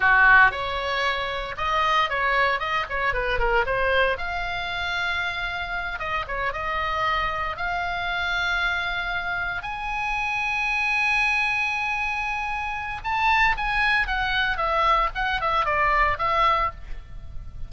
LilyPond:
\new Staff \with { instrumentName = "oboe" } { \time 4/4 \tempo 4 = 115 fis'4 cis''2 dis''4 | cis''4 dis''8 cis''8 b'8 ais'8 c''4 | f''2.~ f''8 dis''8 | cis''8 dis''2 f''4.~ |
f''2~ f''8 gis''4.~ | gis''1~ | gis''4 a''4 gis''4 fis''4 | e''4 fis''8 e''8 d''4 e''4 | }